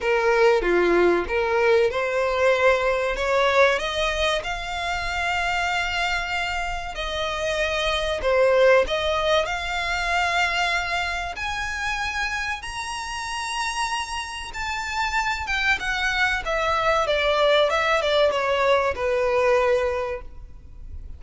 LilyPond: \new Staff \with { instrumentName = "violin" } { \time 4/4 \tempo 4 = 95 ais'4 f'4 ais'4 c''4~ | c''4 cis''4 dis''4 f''4~ | f''2. dis''4~ | dis''4 c''4 dis''4 f''4~ |
f''2 gis''2 | ais''2. a''4~ | a''8 g''8 fis''4 e''4 d''4 | e''8 d''8 cis''4 b'2 | }